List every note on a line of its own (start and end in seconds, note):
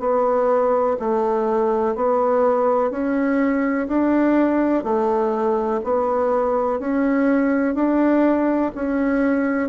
0.00 0.97 B3
1.00 1.96 A3
1.96 2.91 B3
2.91 3.88 C#4
3.88 4.84 D4
4.84 5.81 A3
5.84 6.80 B3
6.80 7.75 C#4
7.75 8.71 D4
8.75 9.69 C#4